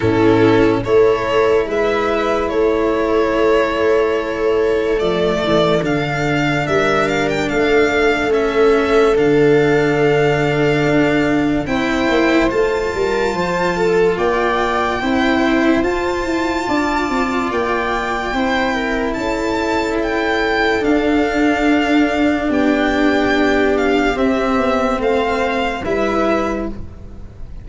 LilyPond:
<<
  \new Staff \with { instrumentName = "violin" } { \time 4/4 \tempo 4 = 72 a'4 cis''4 e''4 cis''4~ | cis''2 d''4 f''4 | e''8 f''16 g''16 f''4 e''4 f''4~ | f''2 g''4 a''4~ |
a''4 g''2 a''4~ | a''4 g''2 a''4 | g''4 f''2 g''4~ | g''8 f''8 e''4 f''4 e''4 | }
  \new Staff \with { instrumentName = "viola" } { \time 4/4 e'4 a'4 b'4 a'4~ | a'1 | ais'4 a'2.~ | a'2 c''4. ais'8 |
c''8 a'8 d''4 c''2 | d''2 c''8 ais'8 a'4~ | a'2. g'4~ | g'2 c''4 b'4 | }
  \new Staff \with { instrumentName = "cello" } { \time 4/4 cis'4 e'2.~ | e'2 a4 d'4~ | d'2 cis'4 d'4~ | d'2 e'4 f'4~ |
f'2 e'4 f'4~ | f'2 e'2~ | e'4 d'2.~ | d'4 c'2 e'4 | }
  \new Staff \with { instrumentName = "tuba" } { \time 4/4 a,4 a4 gis4 a4~ | a2 f8 e8 d4 | g4 a2 d4~ | d4 d'4 c'8 ais8 a8 g8 |
f4 ais4 c'4 f'8 e'8 | d'8 c'8 ais4 c'4 cis'4~ | cis'4 d'2 b4~ | b4 c'8 b8 a4 g4 | }
>>